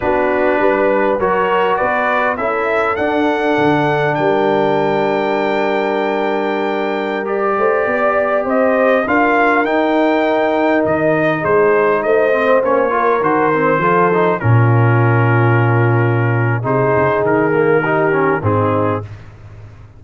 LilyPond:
<<
  \new Staff \with { instrumentName = "trumpet" } { \time 4/4 \tempo 4 = 101 b'2 cis''4 d''4 | e''4 fis''2 g''4~ | g''1~ | g''16 d''2 dis''4 f''8.~ |
f''16 g''2 dis''4 c''8.~ | c''16 dis''4 cis''4 c''4.~ c''16~ | c''16 ais'2.~ ais'8. | c''4 ais'2 gis'4 | }
  \new Staff \with { instrumentName = "horn" } { \time 4/4 fis'4 b'4 ais'4 b'4 | a'2. ais'4~ | ais'1~ | ais'8. c''8 d''4 c''4 ais'8.~ |
ais'2.~ ais'16 gis'8.~ | gis'16 c''4. ais'4. a'8.~ | a'16 f'2.~ f'8. | gis'2 g'4 dis'4 | }
  \new Staff \with { instrumentName = "trombone" } { \time 4/4 d'2 fis'2 | e'4 d'2.~ | d'1~ | d'16 g'2. f'8.~ |
f'16 dis'2.~ dis'8.~ | dis'8. c'8 cis'8 f'8 fis'8 c'8 f'8 dis'16~ | dis'16 cis'2.~ cis'8. | dis'4. ais8 dis'8 cis'8 c'4 | }
  \new Staff \with { instrumentName = "tuba" } { \time 4/4 b4 g4 fis4 b4 | cis'4 d'4 d4 g4~ | g1~ | g8. a8 b4 c'4 d'8.~ |
d'16 dis'2 dis4 gis8.~ | gis16 a4 ais4 dis4 f8.~ | f16 ais,2.~ ais,8. | c8 cis8 dis2 gis,4 | }
>>